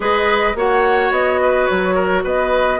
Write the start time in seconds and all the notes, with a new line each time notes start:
0.00 G#3 G#4 B4 D#5
0.54 A#3 F#4 C#5 F#5
1.10 B3 D#5
1.41 B4
1.66 F#3 C#5
1.95 A#4
2.23 B3 B4 D#5